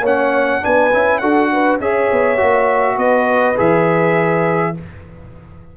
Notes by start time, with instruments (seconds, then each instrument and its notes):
0.00 tuba A#3, horn C#5
0.06 trombone C#4, trumpet F#5
0.61 tuba B3, trombone D4, horn B4, trumpet G#5
0.93 tuba C#4, trombone E4
1.19 tuba D4, trombone F#4, horn A4, trumpet F#5
1.52 horn B4
1.79 tuba C#4, trombone G#4, horn C#5, trumpet E5
2.12 tuba B3
2.37 tuba A#3, trombone F#4
2.96 tuba B3, horn B4, trumpet D#5
3.57 tuba E3, trombone G#4, trumpet E5